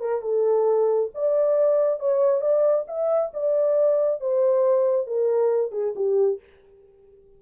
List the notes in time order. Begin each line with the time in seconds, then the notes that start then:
0.00 A#4
0.21 A4
1.14 D5
1.99 C#5
2.41 D5
2.87 E5
3.33 D5
4.20 C5
5.06 A#4
5.72 G#4
5.95 G4